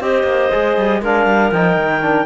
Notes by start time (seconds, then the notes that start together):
0.00 C4 G4 C5 D#5
0.23 A#3
0.52 G#3 G#4
0.78 G3
1.02 G#3 D4 A#4 F5
1.26 G3
1.52 F3 D#4 G5
1.76 D#3
2.02 D4